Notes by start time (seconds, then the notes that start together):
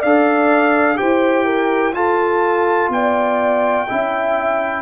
0.00 D4 A4 D5 F5
0.97 E4 G4 C5 G5
1.45 A#4
1.94 F4 A4 A5
2.90 B3 D5 G5
3.88 C#4 E4 E5